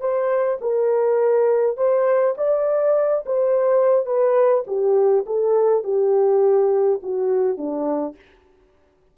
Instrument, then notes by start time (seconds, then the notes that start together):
horn
0.00 C5
0.61 A#4
1.77 C5
2.37 D5
3.26 C5
4.06 B4
4.67 G4
5.26 A4
5.84 G4
7.02 F#4
7.57 D4